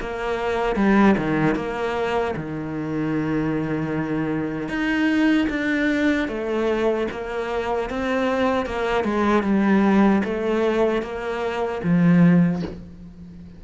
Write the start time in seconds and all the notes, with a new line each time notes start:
0.00 A#3
0.75 G3
1.17 D#3
1.55 A#3
2.36 D#3
4.68 D#4
5.49 D4
6.28 A3
7.11 A#3
7.89 C4
8.66 A#3
9.04 G#3
9.43 G3
10.24 A3
11.02 A#3
11.83 F3